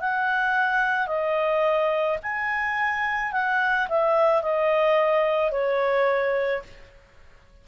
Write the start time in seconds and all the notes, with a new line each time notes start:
0.00 F#5
1.07 D#5
2.22 G#5
3.32 F#5
3.88 E5
4.42 D#5
5.51 C#5